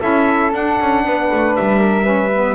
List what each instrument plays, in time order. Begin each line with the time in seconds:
0.00 double bass C#4, saxophone E4, flute A4, trumpet E5
0.53 saxophone D4, double bass D4, trumpet F#5
0.80 double bass C#4
1.05 double bass B3, flute B4
1.32 double bass A3
1.56 double bass G3, trumpet E5
1.79 flute A#4
2.04 saxophone C#4, flute B4
2.35 saxophone B3